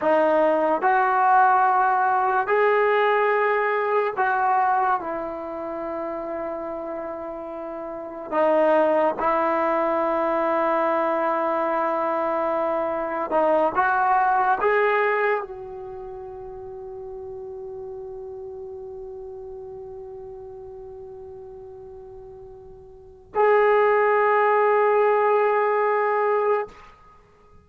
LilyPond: \new Staff \with { instrumentName = "trombone" } { \time 4/4 \tempo 4 = 72 dis'4 fis'2 gis'4~ | gis'4 fis'4 e'2~ | e'2 dis'4 e'4~ | e'1 |
dis'8 fis'4 gis'4 fis'4.~ | fis'1~ | fis'1 | gis'1 | }